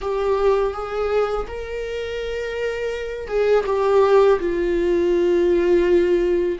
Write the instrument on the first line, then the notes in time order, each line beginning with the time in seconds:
viola
0.01 G4
0.73 G#4
1.47 A#4
3.27 G#4
3.66 G4
4.39 F4